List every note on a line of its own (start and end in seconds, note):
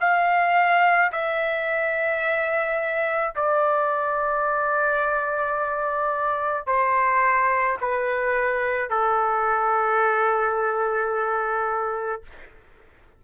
0.00 1.11 F5
1.12 3.34 E5
3.35 6.67 D5
6.67 7.78 C5
7.81 8.89 B4
8.89 12.23 A4